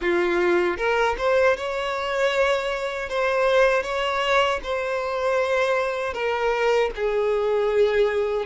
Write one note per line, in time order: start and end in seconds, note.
0.01 0.77 F4
0.77 1.15 A#4
1.18 1.56 C5
1.57 3.09 C#5
3.09 3.83 C5
3.83 4.59 C#5
4.63 6.13 C5
6.13 6.90 A#4
6.95 8.46 G#4